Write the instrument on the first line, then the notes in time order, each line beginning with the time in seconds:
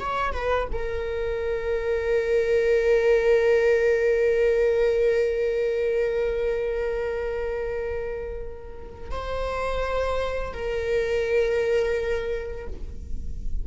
viola
0.00 C#5
0.32 B4
0.72 A#4
9.11 C5
10.53 A#4